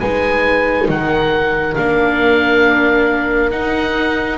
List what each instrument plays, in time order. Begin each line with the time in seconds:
0.00 double bass G#3, viola D#4, horn B4, oboe G#5
0.89 double bass D#3, horn A#4, oboe F#5
1.76 double bass A#3, viola D4, oboe F5
3.51 viola D#4, double bass D#4, oboe F#5